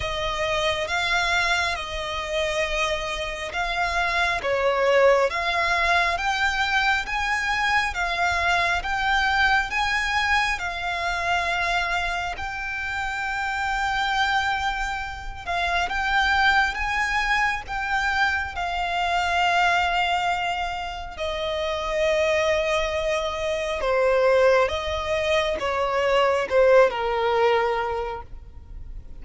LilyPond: \new Staff \with { instrumentName = "violin" } { \time 4/4 \tempo 4 = 68 dis''4 f''4 dis''2 | f''4 cis''4 f''4 g''4 | gis''4 f''4 g''4 gis''4 | f''2 g''2~ |
g''4. f''8 g''4 gis''4 | g''4 f''2. | dis''2. c''4 | dis''4 cis''4 c''8 ais'4. | }